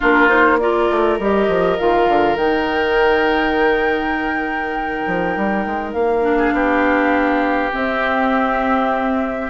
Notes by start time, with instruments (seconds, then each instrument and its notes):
0.00 bassoon A#3, clarinet D4, oboe F4, flute A#4
0.28 clarinet D#4, flute C5
0.59 clarinet F4, oboe A#4, flute D5
0.90 bassoon A3
1.19 bassoon G3, clarinet G4, flute D#5
1.48 bassoon F3
1.78 bassoon D#3, clarinet F4, flute F5
2.07 bassoon D3
2.36 bassoon D#3, clarinet D#4, flute G5
5.06 bassoon F3
5.36 bassoon G3
5.66 bassoon G#3
5.93 bassoon A#3, flute F5
6.22 clarinet D4
6.38 oboe G#4
6.52 bassoon B3, oboe G4
7.72 clarinet C4, bassoon C4, flute E5